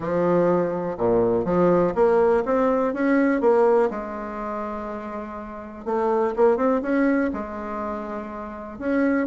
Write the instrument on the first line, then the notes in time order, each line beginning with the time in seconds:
bassoon
0.00 F3
0.97 A#2
1.44 F3
1.94 A#3
2.45 C4
2.93 C#4
3.40 A#3
3.90 G#3
5.85 A3
6.36 A#3
6.56 C4
6.82 C#4
7.33 G#3
8.78 C#4